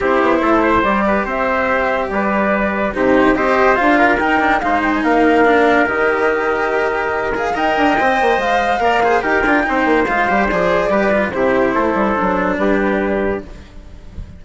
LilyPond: <<
  \new Staff \with { instrumentName = "flute" } { \time 4/4 \tempo 4 = 143 c''2 d''4 e''4~ | e''4 d''2 c''4 | dis''4 f''4 g''4 f''8 g''16 gis''16 | f''2 dis''2~ |
dis''4. f''8 g''2 | f''2 g''2 | f''4 d''2 c''4~ | c''2 b'2 | }
  \new Staff \with { instrumentName = "trumpet" } { \time 4/4 g'4 a'8 c''4 b'8 c''4~ | c''4 b'2 g'4 | c''4. ais'4. c''4 | ais'1~ |
ais'2 dis''2~ | dis''4 d''8 c''8 ais'4 c''4~ | c''2 b'4 g'4 | a'2 g'2 | }
  \new Staff \with { instrumentName = "cello" } { \time 4/4 e'2 g'2~ | g'2. dis'4 | g'4 f'4 dis'8 d'8 dis'4~ | dis'4 d'4 g'2~ |
g'4. gis'8 ais'4 c''4~ | c''4 ais'8 gis'8 g'8 f'8 dis'4 | f'8 g'8 gis'4 g'8 f'8 e'4~ | e'4 d'2. | }
  \new Staff \with { instrumentName = "bassoon" } { \time 4/4 c'8 b8 a4 g4 c'4~ | c'4 g2 c4 | c'4 d'4 dis'4 gis4 | ais2 dis2~ |
dis2 dis'8 d'8 c'8 ais8 | gis4 ais4 dis'8 d'8 c'8 ais8 | gis8 g8 f4 g4 c4 | a8 g8 fis4 g2 | }
>>